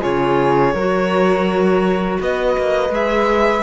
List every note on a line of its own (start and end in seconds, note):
0.00 0.73 C#3
0.00 0.72 F4
0.00 0.73 G#4
0.00 2.19 C#5
0.73 2.18 F#3
0.73 2.89 F#4
0.73 2.18 A#4
2.20 2.56 B3
2.20 3.62 B4
2.20 2.94 D#5
2.57 2.89 A#3
2.89 3.61 G#3
2.89 3.61 G#4
2.89 3.62 E5